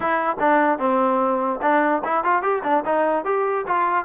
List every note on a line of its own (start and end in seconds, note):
0.00 0.36 E4
0.39 0.79 D4
0.79 1.60 C4
1.61 2.02 D4
2.04 2.24 E4
2.24 2.42 F4
2.42 2.62 G4
2.63 2.83 D4
2.85 3.25 D#4
3.25 3.65 G4
3.66 4.05 F4